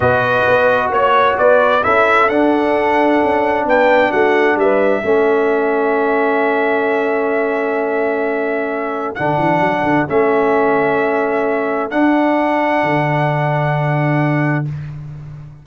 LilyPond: <<
  \new Staff \with { instrumentName = "trumpet" } { \time 4/4 \tempo 4 = 131 dis''2 cis''4 d''4 | e''4 fis''2. | g''4 fis''4 e''2~ | e''1~ |
e''1 | fis''2 e''2~ | e''2 fis''2~ | fis''1 | }
  \new Staff \with { instrumentName = "horn" } { \time 4/4 b'2 cis''4 b'4 | a'1 | b'4 fis'4 b'4 a'4~ | a'1~ |
a'1~ | a'1~ | a'1~ | a'1 | }
  \new Staff \with { instrumentName = "trombone" } { \time 4/4 fis'1 | e'4 d'2.~ | d'2. cis'4~ | cis'1~ |
cis'1 | d'2 cis'2~ | cis'2 d'2~ | d'1 | }
  \new Staff \with { instrumentName = "tuba" } { \time 4/4 b,4 b4 ais4 b4 | cis'4 d'2 cis'4 | b4 a4 g4 a4~ | a1~ |
a1 | d8 e8 fis8 d8 a2~ | a2 d'2 | d1 | }
>>